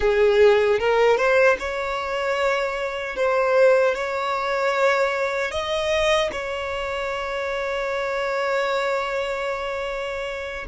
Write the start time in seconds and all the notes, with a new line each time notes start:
0.00 G#4
0.79 A#4
1.17 C5
1.59 C#5
3.16 C5
3.94 C#5
5.51 D#5
6.32 C#5